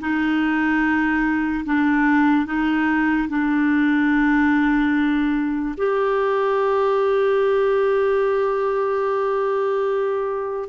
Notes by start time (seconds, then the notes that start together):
0.00 D#4
1.65 D4
2.46 D#4
3.28 D4
5.77 G4